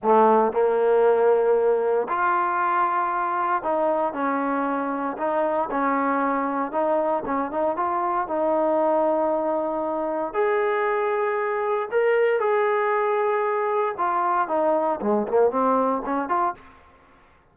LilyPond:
\new Staff \with { instrumentName = "trombone" } { \time 4/4 \tempo 4 = 116 a4 ais2. | f'2. dis'4 | cis'2 dis'4 cis'4~ | cis'4 dis'4 cis'8 dis'8 f'4 |
dis'1 | gis'2. ais'4 | gis'2. f'4 | dis'4 gis8 ais8 c'4 cis'8 f'8 | }